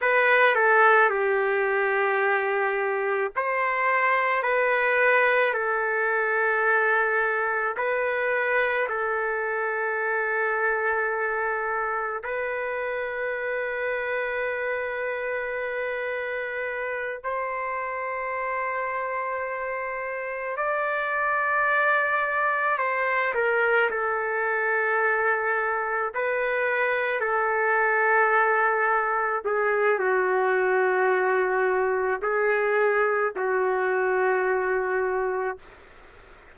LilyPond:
\new Staff \with { instrumentName = "trumpet" } { \time 4/4 \tempo 4 = 54 b'8 a'8 g'2 c''4 | b'4 a'2 b'4 | a'2. b'4~ | b'2.~ b'8 c''8~ |
c''2~ c''8 d''4.~ | d''8 c''8 ais'8 a'2 b'8~ | b'8 a'2 gis'8 fis'4~ | fis'4 gis'4 fis'2 | }